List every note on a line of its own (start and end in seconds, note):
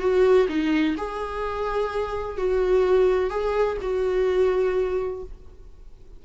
0.00 0.47 F#4
0.49 0.96 D#4
0.97 2.38 G#4
2.38 3.30 F#4
3.30 3.78 G#4
3.82 5.23 F#4